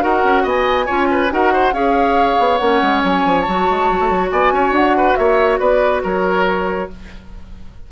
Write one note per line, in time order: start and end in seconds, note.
0.00 0.24 D#4
0.00 0.86 F#4
0.00 0.43 A#4
0.00 0.46 F#5
0.24 0.45 C#4
0.43 0.87 B3
0.43 0.85 D#5
0.43 1.33 G#5
0.85 1.31 C#4
0.85 1.29 F4
0.85 1.07 C#5
1.11 1.32 B4
1.29 1.72 D#4
1.29 1.72 F#4
1.29 1.53 A#4
1.29 1.73 F#5
1.53 1.74 C5
1.72 2.37 C#4
1.72 2.59 G#4
1.72 4.31 C#5
1.72 2.58 F5
2.39 2.60 B3
2.58 2.82 A#3
2.58 3.47 C#4
2.58 3.00 F#5
2.82 3.03 G#3
3.03 3.25 F#3
3.03 3.41 G#5
3.25 3.47 F3
3.41 4.27 A5
3.47 3.69 F#3
3.47 6.90 F#4
3.70 3.91 G#3
3.91 4.00 F#3
4.00 4.10 A3
4.10 4.31 F#3
4.31 4.52 B3
4.31 4.53 D5
4.31 4.74 G#5
4.52 4.71 C#4
4.52 4.97 C#5
4.71 5.14 D4
4.71 5.16 F#5
4.97 5.18 B4
5.16 5.60 A#3
5.16 5.59 C#5
5.16 5.58 E5
5.59 6.02 B3
5.59 6.02 B4
5.59 6.02 D5
6.03 6.90 F#3
6.03 6.89 A#4
6.03 6.91 C#5